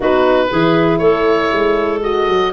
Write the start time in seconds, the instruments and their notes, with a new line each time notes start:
0.00 tuba B3, horn D#4, clarinet F#4, oboe B4
0.50 tuba E3, horn E4, clarinet G#4
0.98 tuba A3, clarinet A4, oboe C#5
1.53 tuba G#3
2.02 horn F#4, oboe D#5
2.28 tuba F#3